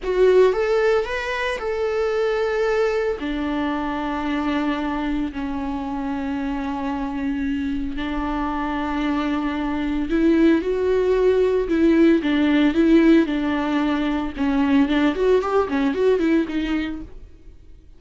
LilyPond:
\new Staff \with { instrumentName = "viola" } { \time 4/4 \tempo 4 = 113 fis'4 a'4 b'4 a'4~ | a'2 d'2~ | d'2 cis'2~ | cis'2. d'4~ |
d'2. e'4 | fis'2 e'4 d'4 | e'4 d'2 cis'4 | d'8 fis'8 g'8 cis'8 fis'8 e'8 dis'4 | }